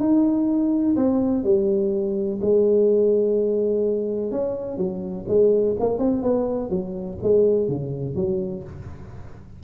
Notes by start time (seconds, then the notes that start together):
0.00 D#4
0.96 C4
1.44 G3
2.42 G#3
4.32 C#4
4.77 F#3
5.28 G#3
5.80 A#3
5.99 C4
6.23 B3
6.70 F#3
7.23 G#3
7.68 C#3
8.16 F#3